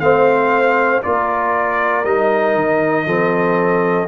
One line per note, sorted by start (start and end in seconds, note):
0.00 1.02 A3
0.00 1.03 C4
0.00 1.05 C5
0.00 1.02 F5
1.03 2.05 A#3
1.03 2.05 F4
1.03 3.07 A#4
1.03 2.05 D5
2.05 2.55 G3
2.05 3.07 D#4
2.05 4.08 D#5
2.55 3.06 D#3
3.06 4.08 F3
3.06 4.08 C4
3.06 4.08 A4